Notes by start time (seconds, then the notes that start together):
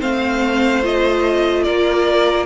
0.00 A3 C4 C5 F5
0.83 F4 D#5
1.64 A#3 A#4 D5